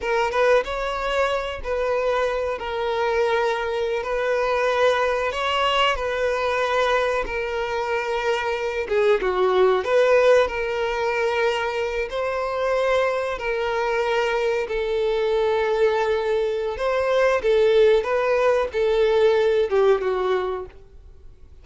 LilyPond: \new Staff \with { instrumentName = "violin" } { \time 4/4 \tempo 4 = 93 ais'8 b'8 cis''4. b'4. | ais'2~ ais'16 b'4.~ b'16~ | b'16 cis''4 b'2 ais'8.~ | ais'4.~ ais'16 gis'8 fis'4 b'8.~ |
b'16 ais'2~ ais'8 c''4~ c''16~ | c''8. ais'2 a'4~ a'16~ | a'2 c''4 a'4 | b'4 a'4. g'8 fis'4 | }